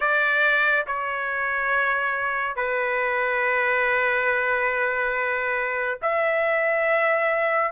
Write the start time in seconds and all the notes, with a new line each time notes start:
0.00 D5
0.86 C#5
2.56 B4
6.02 E5